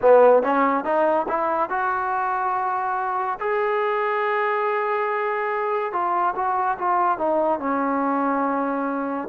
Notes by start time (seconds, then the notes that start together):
0.01 B3
0.42 C#4
0.84 D#4
1.28 E4
1.69 F#4
3.39 G#4
5.92 F4
6.35 F#4
6.78 F4
7.18 D#4
7.59 C#4